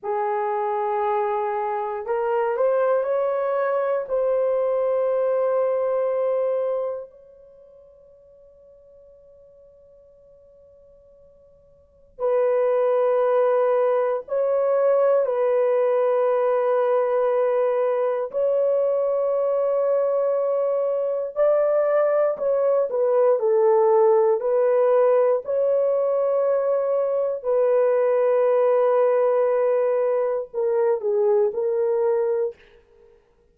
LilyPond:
\new Staff \with { instrumentName = "horn" } { \time 4/4 \tempo 4 = 59 gis'2 ais'8 c''8 cis''4 | c''2. cis''4~ | cis''1 | b'2 cis''4 b'4~ |
b'2 cis''2~ | cis''4 d''4 cis''8 b'8 a'4 | b'4 cis''2 b'4~ | b'2 ais'8 gis'8 ais'4 | }